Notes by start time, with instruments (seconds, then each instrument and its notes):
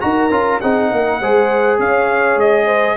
0.00 tuba D#4, trombone F#4, horn A#4, trumpet A#5
0.31 tuba C#4, trombone F4
0.61 tuba C4, trombone D#4, horn G#4, trumpet F#5
0.90 tuba A#3, horn A#4
1.21 tuba G#3, trombone G#4, horn C5
1.79 tuba C#4, horn C#5, trumpet F5
2.37 tuba G#3, trumpet D#5
2.65 horn C5